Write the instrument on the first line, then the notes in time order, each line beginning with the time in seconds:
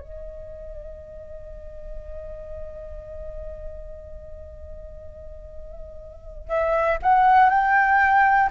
flute
0.00 D#5
6.48 E5
7.02 F#5
7.50 G5